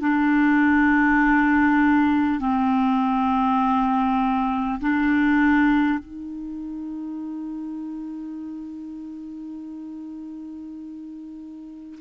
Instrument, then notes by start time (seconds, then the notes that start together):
clarinet
0.00 D4
2.39 C4
4.81 D4
5.99 D#4